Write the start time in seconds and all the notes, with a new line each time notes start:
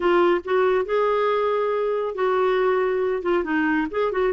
0.00 F4
0.44 F#4
0.85 G#4
2.14 F#4
3.22 F4
3.44 D#4
3.91 G#4
4.12 F#4